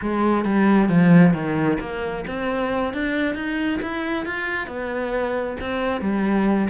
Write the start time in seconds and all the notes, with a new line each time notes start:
0.01 G#3
0.44 G3
0.88 F3
1.33 D#3
1.80 A#3
2.27 C4
2.93 D4
3.34 D#4
3.82 E4
4.25 F4
4.67 B3
5.60 C4
6.01 G3